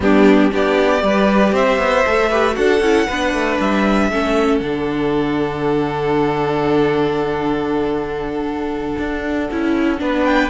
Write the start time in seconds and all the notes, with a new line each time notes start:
0.00 G3 B3 D4 G4
0.51 B3 D4 G4 D5
1.00 G3 G4 B4
1.52 C4 C5 E5
1.78 B3
2.06 A3 A4
2.29 G4 B4
2.52 D4 F#4 A4 F#5
2.80 C#4 E4
3.07 B3 D4 B4
3.33 A3
3.59 G3 E5
4.10 A3 C#4 A4
4.58 D3 D4 F#5
8.98 D4
9.51 C#4 E4
9.98 B3 D4 B4
10.25 G5